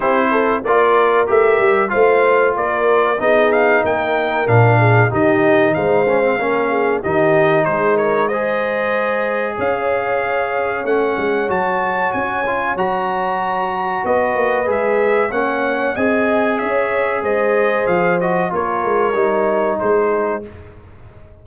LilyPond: <<
  \new Staff \with { instrumentName = "trumpet" } { \time 4/4 \tempo 4 = 94 c''4 d''4 e''4 f''4 | d''4 dis''8 f''8 g''4 f''4 | dis''4 f''2 dis''4 | c''8 cis''8 dis''2 f''4~ |
f''4 fis''4 a''4 gis''4 | ais''2 dis''4 e''4 | fis''4 gis''4 e''4 dis''4 | f''8 dis''8 cis''2 c''4 | }
  \new Staff \with { instrumentName = "horn" } { \time 4/4 g'8 a'8 ais'2 c''4 | ais'4 gis'4 ais'4. gis'8 | g'4 c''4 ais'8 gis'8 g'4 | gis'8 ais'8 c''2 cis''4~ |
cis''1~ | cis''2 b'2 | cis''4 dis''4 cis''4 c''4~ | c''4 ais'2 gis'4 | }
  \new Staff \with { instrumentName = "trombone" } { \time 4/4 e'4 f'4 g'4 f'4~ | f'4 dis'2 d'4 | dis'4. cis'16 c'16 cis'4 dis'4~ | dis'4 gis'2.~ |
gis'4 cis'4 fis'4. f'8 | fis'2. gis'4 | cis'4 gis'2.~ | gis'8 fis'8 f'4 dis'2 | }
  \new Staff \with { instrumentName = "tuba" } { \time 4/4 c'4 ais4 a8 g8 a4 | ais4 b4 ais4 ais,4 | dis4 gis4 ais4 dis4 | gis2. cis'4~ |
cis'4 a8 gis8 fis4 cis'4 | fis2 b8 ais8 gis4 | ais4 c'4 cis'4 gis4 | f4 ais8 gis8 g4 gis4 | }
>>